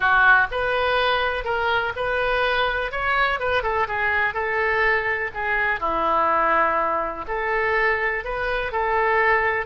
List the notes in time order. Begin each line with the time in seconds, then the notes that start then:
0.00 F#4
0.51 B4
1.44 A#4
1.96 B4
2.91 C#5
3.39 B4
3.62 A4
3.87 G#4
4.34 A4
5.34 G#4
5.80 E4
7.27 A4
8.24 B4
8.71 A4